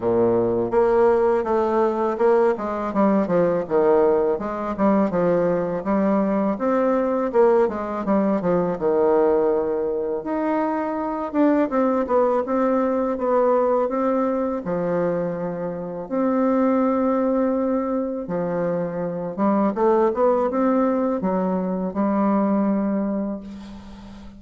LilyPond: \new Staff \with { instrumentName = "bassoon" } { \time 4/4 \tempo 4 = 82 ais,4 ais4 a4 ais8 gis8 | g8 f8 dis4 gis8 g8 f4 | g4 c'4 ais8 gis8 g8 f8 | dis2 dis'4. d'8 |
c'8 b8 c'4 b4 c'4 | f2 c'2~ | c'4 f4. g8 a8 b8 | c'4 fis4 g2 | }